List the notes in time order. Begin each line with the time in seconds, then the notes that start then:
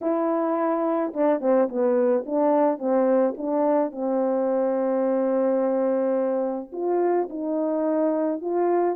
0.01 E4
1.13 D4
1.40 C4
1.68 B3
2.26 D4
2.78 C4
3.37 D4
3.91 C4
6.72 F4
7.29 D#4
8.41 F4